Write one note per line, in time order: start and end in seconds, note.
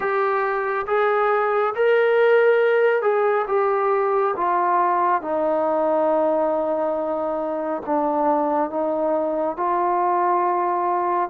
0.00 0.85 G4
0.87 1.74 G#4
1.75 3.02 A#4
3.02 3.45 G#4
3.47 4.34 G4
4.36 5.21 F4
5.21 7.82 D#4
7.86 8.70 D4
8.70 9.57 D#4
9.57 11.29 F4